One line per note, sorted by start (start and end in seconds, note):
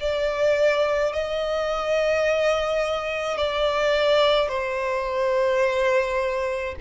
0.00 1.12 D5
1.12 3.37 D#5
3.37 4.48 D5
4.48 6.75 C5